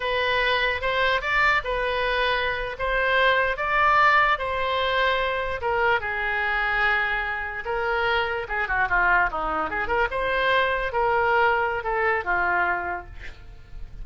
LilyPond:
\new Staff \with { instrumentName = "oboe" } { \time 4/4 \tempo 4 = 147 b'2 c''4 d''4 | b'2~ b'8. c''4~ c''16~ | c''8. d''2 c''4~ c''16~ | c''4.~ c''16 ais'4 gis'4~ gis'16~ |
gis'2~ gis'8. ais'4~ ais'16~ | ais'8. gis'8 fis'8 f'4 dis'4 gis'16~ | gis'16 ais'8 c''2 ais'4~ ais'16~ | ais'4 a'4 f'2 | }